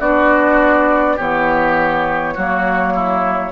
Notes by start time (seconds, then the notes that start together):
0.00 B3 D4 F#4 D5
1.16 E3 B3 G4 C#5
2.34 F#3 A#3 F#4
2.95 E4